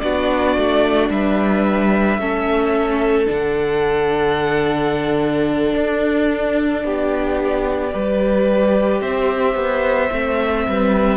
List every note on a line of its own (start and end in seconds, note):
0.00 0.57 B3
0.00 2.20 D4
0.00 1.12 F#4
0.00 1.09 D5
0.57 1.10 A3
1.10 2.19 G3
1.10 2.21 B4
1.10 3.28 E5
2.19 3.28 A3
2.19 3.27 C#4
2.19 6.85 A4
3.27 5.76 D3
3.27 7.90 D4
3.27 5.76 F#5
5.76 6.85 D4
5.76 9.02 D5
6.85 7.94 B3
6.85 7.93 G4
7.92 9.02 G3
7.92 10.10 G4
7.92 9.02 B4
9.02 9.55 C4
9.02 10.66 C5
9.02 11.17 E5
9.55 10.10 B3
10.12 10.67 A3
10.12 11.17 C4
10.67 11.17 G3
10.67 11.17 B4